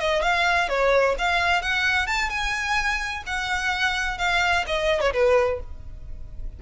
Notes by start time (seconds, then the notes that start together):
0.00 D#5
0.22 F5
0.69 C#5
1.18 F5
1.62 F#5
2.07 A5
2.29 G#5
3.26 F#5
4.18 F5
4.67 D#5
5.01 C#5
5.13 B4